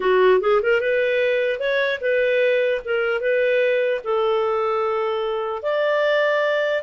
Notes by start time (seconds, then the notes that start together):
0.00 F#4
0.40 G#4
0.62 A#4
0.80 B4
1.59 C#5
2.00 B4
2.84 A#4
3.20 B4
4.04 A4
5.62 D5